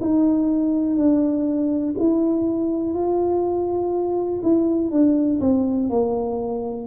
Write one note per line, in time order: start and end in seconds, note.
0.00 0.96 D#4
0.96 1.94 D4
1.98 2.94 E4
2.94 4.41 F4
4.42 4.90 E4
4.90 5.40 D4
5.40 5.89 C4
5.89 6.87 A#3